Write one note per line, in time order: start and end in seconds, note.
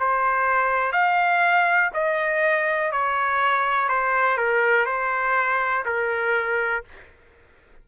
0.00 0.92 C5
0.92 1.90 F5
1.94 2.92 D#5
2.92 3.89 C#5
3.89 4.37 C5
4.37 4.86 A#4
4.86 5.84 C5
5.86 6.84 A#4